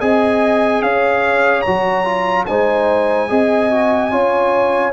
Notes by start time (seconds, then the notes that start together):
0.00 C4 G#4 D#5 G#5
0.82 C#4 C#5 F5
1.62 F#3 F#4 A#5
2.05 F4
2.46 G#3 D#4 C5 G#5
3.29 C4 G#4 D#5
3.71 F#4
4.11 C#4 F4 C#5